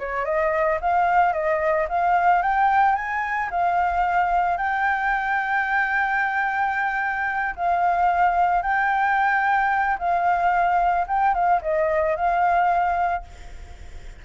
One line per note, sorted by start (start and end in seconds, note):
0.00 0.25 C#5
0.25 0.79 D#5
0.82 1.33 F5
1.33 1.87 D#5
1.89 2.43 F5
2.43 2.96 G5
2.96 3.50 G#5
3.51 4.58 F5
4.58 7.55 G5
7.56 8.63 F5
8.63 9.98 G5
9.99 11.07 F5
11.08 11.34 G5
11.34 11.61 F5
11.62 12.16 D#5
12.16 13.24 F5